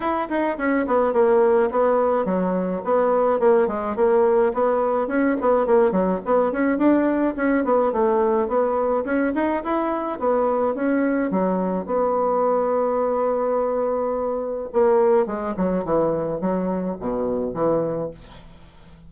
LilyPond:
\new Staff \with { instrumentName = "bassoon" } { \time 4/4 \tempo 4 = 106 e'8 dis'8 cis'8 b8 ais4 b4 | fis4 b4 ais8 gis8 ais4 | b4 cis'8 b8 ais8 fis8 b8 cis'8 | d'4 cis'8 b8 a4 b4 |
cis'8 dis'8 e'4 b4 cis'4 | fis4 b2.~ | b2 ais4 gis8 fis8 | e4 fis4 b,4 e4 | }